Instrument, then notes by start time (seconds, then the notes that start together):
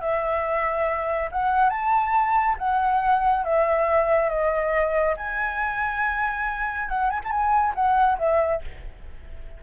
flute
0.00 E5
1.31 F#5
1.70 A5
2.58 F#5
3.44 E5
4.29 D#5
5.16 G#5
6.88 F#5
7.09 G#5
7.23 A5
7.30 G#5
7.74 F#5
8.18 E5